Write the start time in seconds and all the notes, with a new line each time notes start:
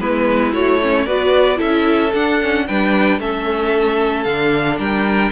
0.00 G#3 B3 E4 B4
0.52 A3 F#4 C#5
0.82 C#4
1.06 B3 F#4 B4 D5
1.56 C#4 E4 A4 E5
2.14 D4 F#5
2.41 C#4
2.67 G3 D4 B4 G5
3.19 A3 C#4 A4 E5
4.24 D3 D4 F5
4.78 G3 A#4 G5